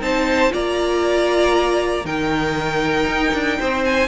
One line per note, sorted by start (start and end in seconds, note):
0.00 0.51 C4
0.00 0.50 D#4
0.00 0.53 C5
0.00 0.53 A5
0.50 2.05 A#3
0.50 2.03 F4
0.50 2.05 D5
0.50 2.06 A#5
2.05 3.07 D#3
2.05 4.08 D#4
2.05 3.58 A#4
2.05 3.84 G5
3.07 3.32 D#4
3.33 3.59 D4
3.59 4.08 C4
3.59 4.08 C5
3.85 4.08 G#5